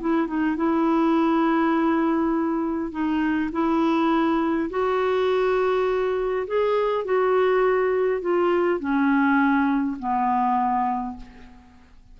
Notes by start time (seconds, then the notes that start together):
0.00 E4
0.27 D#4
0.56 E4
2.91 D#4
3.52 E4
4.70 F#4
6.47 G#4
7.05 F#4
8.21 F4
8.79 C#4
9.99 B3